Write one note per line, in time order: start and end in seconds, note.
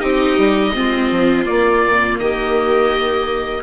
0.00 0.38 C4
0.00 0.73 D#4
0.00 0.72 G4
0.00 1.45 D#5
0.38 0.74 G3
0.74 1.11 G#3
0.74 1.45 C4
0.74 2.20 F4
1.11 1.47 F3
1.45 3.62 A#3
1.45 1.84 A#3
1.45 2.18 D5
1.84 2.19 A#2
2.19 3.63 D#3
2.19 3.63 G4
2.19 3.63 D#5